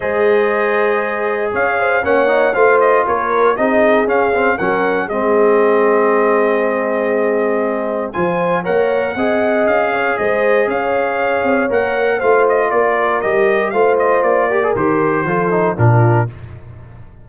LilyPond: <<
  \new Staff \with { instrumentName = "trumpet" } { \time 4/4 \tempo 4 = 118 dis''2. f''4 | fis''4 f''8 dis''8 cis''4 dis''4 | f''4 fis''4 dis''2~ | dis''1 |
gis''4 fis''2 f''4 | dis''4 f''2 fis''4 | f''8 dis''8 d''4 dis''4 f''8 dis''8 | d''4 c''2 ais'4 | }
  \new Staff \with { instrumentName = "horn" } { \time 4/4 c''2. cis''8 c''8 | cis''4 c''4 ais'4 gis'4~ | gis'4 ais'4 gis'2~ | gis'1 |
c''4 cis''4 dis''4. cis''8 | c''4 cis''2. | c''4 ais'2 c''4~ | c''8 ais'4. a'4 f'4 | }
  \new Staff \with { instrumentName = "trombone" } { \time 4/4 gis'1 | cis'8 dis'8 f'2 dis'4 | cis'8 c'8 cis'4 c'2~ | c'1 |
f'4 ais'4 gis'2~ | gis'2. ais'4 | f'2 g'4 f'4~ | f'8 g'16 gis'16 g'4 f'8 dis'8 d'4 | }
  \new Staff \with { instrumentName = "tuba" } { \time 4/4 gis2. cis'4 | ais4 a4 ais4 c'4 | cis'4 fis4 gis2~ | gis1 |
f4 ais4 c'4 cis'4 | gis4 cis'4. c'8 ais4 | a4 ais4 g4 a4 | ais4 dis4 f4 ais,4 | }
>>